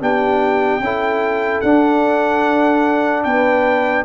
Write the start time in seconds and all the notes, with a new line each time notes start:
0.00 B3 D4 G4 G5
0.80 C#4 E4 A4
1.61 D4 F#5
3.24 B3 B4 G5